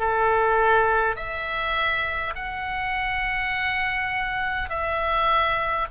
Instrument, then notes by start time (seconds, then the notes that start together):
oboe
0.00 A4
1.16 E5
2.36 F#5
4.70 E5